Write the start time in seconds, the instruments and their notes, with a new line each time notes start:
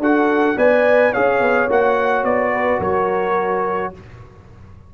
0.00 tuba D4, trombone F#4, horn A4, trumpet F#5
0.57 tuba B3, trombone B4, horn D5, trumpet G#5
1.12 tuba C#4, trombone G#4, horn C#5, trumpet F5
1.40 tuba B3
1.70 tuba A#3, trombone F#4, trumpet F#5
2.24 tuba B3, trumpet D5
2.54 horn B4
2.80 tuba F#3, horn A#4, trumpet C#5